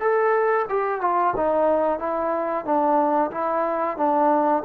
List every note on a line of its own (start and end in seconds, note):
0.00 0.66 A4
0.69 1.01 G4
1.01 1.34 F4
1.36 1.99 D#4
1.99 2.65 E4
2.65 3.31 D4
3.31 3.97 E4
3.97 4.63 D4